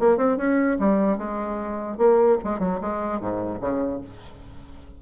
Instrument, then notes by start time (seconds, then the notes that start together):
bassoon
0.00 A#3
0.18 C4
0.38 C#4
0.79 G3
1.18 G#3
1.98 A#3
2.44 G#3
2.60 F#3
2.81 G#3
3.20 G#2
3.61 C#3